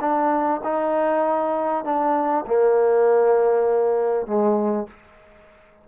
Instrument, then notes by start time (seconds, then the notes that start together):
trombone
0.00 D4
0.63 D#4
1.84 D4
2.46 A#3
4.26 G#3